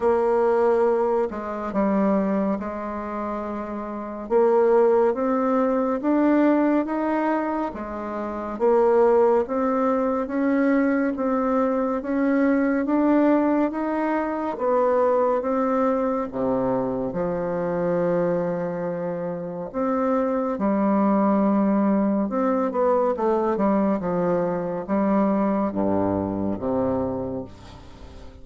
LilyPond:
\new Staff \with { instrumentName = "bassoon" } { \time 4/4 \tempo 4 = 70 ais4. gis8 g4 gis4~ | gis4 ais4 c'4 d'4 | dis'4 gis4 ais4 c'4 | cis'4 c'4 cis'4 d'4 |
dis'4 b4 c'4 c4 | f2. c'4 | g2 c'8 b8 a8 g8 | f4 g4 g,4 c4 | }